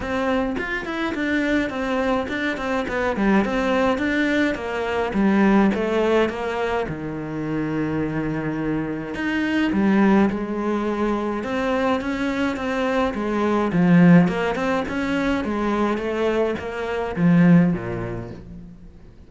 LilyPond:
\new Staff \with { instrumentName = "cello" } { \time 4/4 \tempo 4 = 105 c'4 f'8 e'8 d'4 c'4 | d'8 c'8 b8 g8 c'4 d'4 | ais4 g4 a4 ais4 | dis1 |
dis'4 g4 gis2 | c'4 cis'4 c'4 gis4 | f4 ais8 c'8 cis'4 gis4 | a4 ais4 f4 ais,4 | }